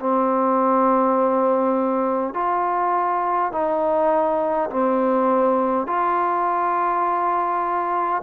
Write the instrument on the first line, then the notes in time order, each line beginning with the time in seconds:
trombone
0.00 C4
2.35 F4
3.52 D#4
4.70 C4
5.87 F4